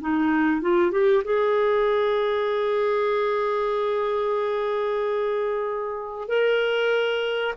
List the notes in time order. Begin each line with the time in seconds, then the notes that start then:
0.00 D#4
0.61 F4
0.91 G4
1.24 G#4
6.28 A#4